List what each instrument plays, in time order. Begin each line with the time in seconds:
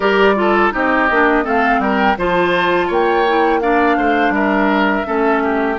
0.00 bassoon G3, clarinet G4, oboe A#4, flute D5
0.36 clarinet F4, oboe A4
0.71 bassoon C4, clarinet D#4, oboe G4, flute D#5
1.10 bassoon A#3, clarinet D4
1.43 bassoon A3, clarinet C4, oboe A4, flute F5
1.78 bassoon G3, oboe A#4, flute G5
2.17 bassoon F3, clarinet F4, oboe C5, flute A5
2.87 bassoon A#3, oboe C#5, flute G5
3.27 clarinet E4
3.61 clarinet D4, oboe D5, flute F5
3.97 bassoon A3, oboe C5
4.29 bassoon G3, oboe A#4, flute E5
5.05 bassoon A3, clarinet C#4, oboe A4
5.43 oboe G4